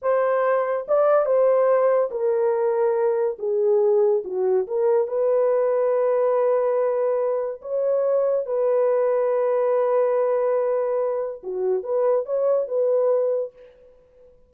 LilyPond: \new Staff \with { instrumentName = "horn" } { \time 4/4 \tempo 4 = 142 c''2 d''4 c''4~ | c''4 ais'2. | gis'2 fis'4 ais'4 | b'1~ |
b'2 cis''2 | b'1~ | b'2. fis'4 | b'4 cis''4 b'2 | }